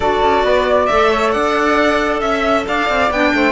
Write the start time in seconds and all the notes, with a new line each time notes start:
0.00 D4 F#4 A4 D5
0.22 C#4
0.43 B3 B4
0.68 D5
0.86 A3 A4 E5
1.10 C#5
1.31 D4 D5 F#5
2.20 C#4 E5
2.67 D4 D5 F5
2.89 C4
3.10 B3 D4 G5
3.33 A3 C5